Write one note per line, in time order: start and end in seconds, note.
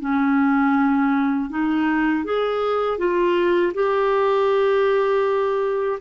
0.00 1.50 C#4
1.50 2.24 D#4
2.24 2.98 G#4
2.98 3.73 F4
3.74 5.99 G4